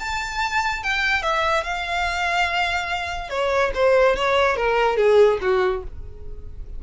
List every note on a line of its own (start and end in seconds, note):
0.00 0.83 A5
0.84 1.23 G5
1.23 1.64 E5
1.64 3.30 F5
3.30 3.72 C#5
3.75 4.16 C5
4.16 4.56 C#5
4.56 4.97 A#4
4.97 5.39 G#4
5.42 5.83 F#4